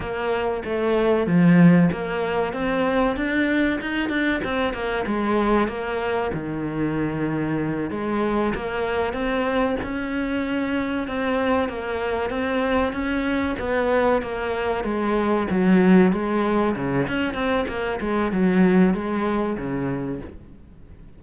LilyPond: \new Staff \with { instrumentName = "cello" } { \time 4/4 \tempo 4 = 95 ais4 a4 f4 ais4 | c'4 d'4 dis'8 d'8 c'8 ais8 | gis4 ais4 dis2~ | dis8 gis4 ais4 c'4 cis'8~ |
cis'4. c'4 ais4 c'8~ | c'8 cis'4 b4 ais4 gis8~ | gis8 fis4 gis4 cis8 cis'8 c'8 | ais8 gis8 fis4 gis4 cis4 | }